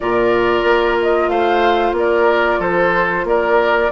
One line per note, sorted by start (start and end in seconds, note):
0.00 0.63 A#2
0.00 3.91 F4
0.00 1.29 A#4
0.00 0.98 D5
0.63 1.28 A#3
1.02 1.29 D#5
1.28 1.92 A3
1.28 1.95 C5
1.28 1.94 F5
1.92 2.57 A#3
1.98 2.59 A#4
1.98 2.61 D5
2.59 3.24 F3
2.59 3.25 A4
2.59 3.26 C5
3.24 3.89 A#3
3.24 3.91 A#4
3.24 3.91 D5